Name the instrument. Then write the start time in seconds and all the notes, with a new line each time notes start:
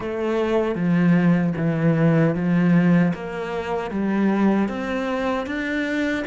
cello
0.00 A3
0.75 F3
1.56 E3
2.34 F3
3.13 A#3
3.91 G3
4.68 C4
5.46 D4